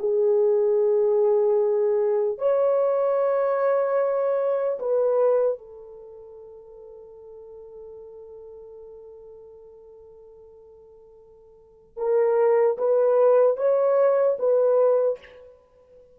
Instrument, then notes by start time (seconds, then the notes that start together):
horn
0.00 G#4
2.39 C#5
4.80 B4
5.59 A4
11.97 A#4
12.78 B4
13.57 C#5
14.39 B4